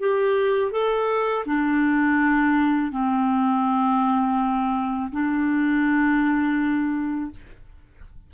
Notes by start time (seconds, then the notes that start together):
0.00 G4
0.72 A4
1.46 D4
2.92 C4
5.12 D4